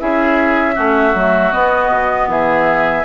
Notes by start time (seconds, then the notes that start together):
0.00 C#4 E4 G#4 E5
0.75 A3 C#4 F#4
1.15 F#3 A3
1.53 B3 D#5
1.90 B2
2.28 E3 G#4 E5